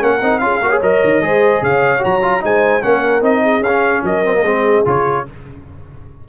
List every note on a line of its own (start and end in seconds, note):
0.00 0.22 A#3
0.00 0.20 C#4
0.00 0.42 A#4
0.00 0.39 F#5
0.22 0.41 C4
0.22 0.41 D#4
0.39 0.61 C#4
0.39 0.61 F4
0.39 0.64 G#4
0.39 0.80 F5
0.62 0.82 A#3
0.62 0.71 F#4
0.62 1.24 C#5
0.71 0.81 G#4
0.82 1.02 F#3
0.82 1.22 A#4
0.82 1.64 D#5
1.04 1.21 D#3
1.21 1.61 G#3
1.21 1.99 G#4
1.21 1.63 C5
1.62 2.02 C#3
1.62 2.44 C#5
1.62 2.04 F5
1.99 2.44 F#3
1.99 2.19 F#4
1.99 2.45 A#5
2.22 2.41 F4
2.41 2.84 G#3
2.41 2.81 D#4
2.41 2.84 C5
2.41 2.83 G#5
2.82 3.22 A#3
2.82 3.22 C#4
2.82 3.43 A#4
2.82 3.23 F#5
3.22 3.60 C4
3.22 3.62 D#4
3.22 3.64 D#5
3.43 4.04 G#4
3.60 4.01 C#4
3.60 4.04 F5
3.68 4.26 C#4
4.04 4.43 F#3
4.04 4.45 A#4
4.04 4.87 D#5
4.26 4.35 C4
4.35 4.45 A#3
4.43 4.83 G#3
4.43 4.86 C4
4.43 5.26 G#4
4.86 5.27 C#3
4.86 5.26 F4
4.86 5.29 C#5